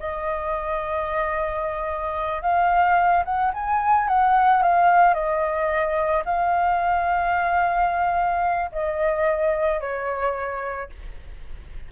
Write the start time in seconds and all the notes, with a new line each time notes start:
0.00 D#5
2.42 F5
3.25 F#5
3.54 G#5
4.08 F#5
4.63 F5
5.14 D#5
6.26 F5
8.72 D#5
9.81 C#5